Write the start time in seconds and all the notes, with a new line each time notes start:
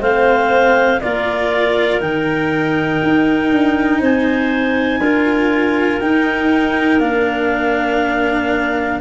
0.00 A3 C4 C5 F5
1.00 A#3 F4 A#4 D5
2.00 D#3 D#4 G5
3.03 D#4
3.51 D4
3.99 C4 C5 G#5
4.99 D4 F4 A#4
6.00 D#4 G5
6.99 A#3 D4 F5